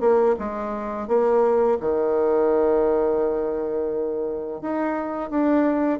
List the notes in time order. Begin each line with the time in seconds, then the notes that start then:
0.00 A#3
0.39 G#3
1.08 A#3
1.80 D#3
4.61 D#4
5.30 D4